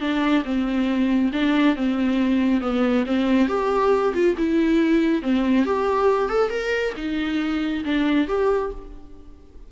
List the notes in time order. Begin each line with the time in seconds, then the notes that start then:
0.00 D4
0.44 C4
1.32 D4
1.76 C4
2.61 B3
3.06 C4
3.48 G4
4.13 F4
4.37 E4
5.22 C4
5.65 G4
6.29 A4
6.50 A#4
6.97 D#4
7.84 D4
8.28 G4